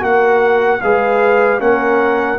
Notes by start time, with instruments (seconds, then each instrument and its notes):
0.00 tuba A#3, trombone F#4, horn A#4, trumpet F#5
0.81 tuba G#3, trombone G#4, horn B4, trumpet F5
1.59 tuba A#3, trombone C#4, horn A#4, trumpet F#5